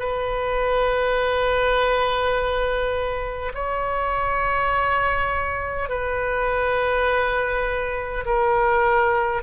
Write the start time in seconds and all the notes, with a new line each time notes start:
0.00 B4
3.55 C#5
5.89 B4
8.26 A#4